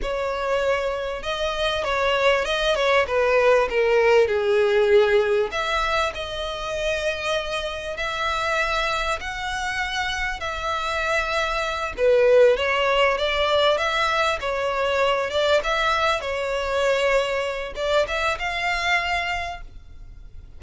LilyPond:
\new Staff \with { instrumentName = "violin" } { \time 4/4 \tempo 4 = 98 cis''2 dis''4 cis''4 | dis''8 cis''8 b'4 ais'4 gis'4~ | gis'4 e''4 dis''2~ | dis''4 e''2 fis''4~ |
fis''4 e''2~ e''8 b'8~ | b'8 cis''4 d''4 e''4 cis''8~ | cis''4 d''8 e''4 cis''4.~ | cis''4 d''8 e''8 f''2 | }